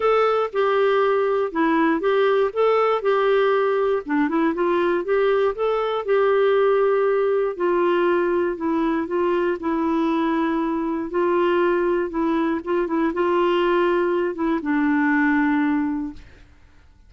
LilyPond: \new Staff \with { instrumentName = "clarinet" } { \time 4/4 \tempo 4 = 119 a'4 g'2 e'4 | g'4 a'4 g'2 | d'8 e'8 f'4 g'4 a'4 | g'2. f'4~ |
f'4 e'4 f'4 e'4~ | e'2 f'2 | e'4 f'8 e'8 f'2~ | f'8 e'8 d'2. | }